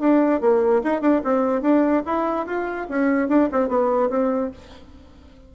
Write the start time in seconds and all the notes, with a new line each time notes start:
0.00 D4
0.41 A#3
0.84 D#4
1.01 D4
1.24 C4
1.62 D4
2.06 E4
2.46 F4
2.89 C#4
3.29 D4
3.52 C4
3.69 B3
4.09 C4